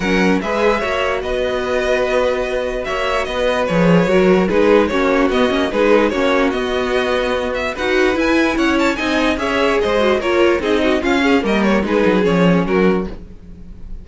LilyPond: <<
  \new Staff \with { instrumentName = "violin" } { \time 4/4 \tempo 4 = 147 fis''4 e''2 dis''4~ | dis''2. e''4 | dis''4 cis''2 b'4 | cis''4 dis''4 b'4 cis''4 |
dis''2~ dis''8 e''8 fis''4 | gis''4 fis''8 a''8 gis''4 e''4 | dis''4 cis''4 dis''4 f''4 | dis''8 cis''8 b'4 cis''4 ais'4 | }
  \new Staff \with { instrumentName = "violin" } { \time 4/4 ais'4 b'4 cis''4 b'4~ | b'2. cis''4 | b'2 ais'4 gis'4 | fis'2 gis'4 fis'4~ |
fis'2. b'4~ | b'4 cis''4 dis''4 cis''4 | c''4 ais'4 gis'8 fis'8 f'8 gis'8 | ais'4 gis'2 fis'4 | }
  \new Staff \with { instrumentName = "viola" } { \time 4/4 cis'4 gis'4 fis'2~ | fis'1~ | fis'4 gis'4 fis'4 dis'4 | cis'4 b8 cis'8 dis'4 cis'4 |
b2. fis'4 | e'2 dis'4 gis'4~ | gis'8 fis'8 f'4 dis'4 cis'4 | ais4 dis'4 cis'2 | }
  \new Staff \with { instrumentName = "cello" } { \time 4/4 fis4 gis4 ais4 b4~ | b2. ais4 | b4 f4 fis4 gis4 | ais4 b8 ais8 gis4 ais4 |
b2. dis'4 | e'4 cis'4 c'4 cis'4 | gis4 ais4 c'4 cis'4 | g4 gis8 fis8 f4 fis4 | }
>>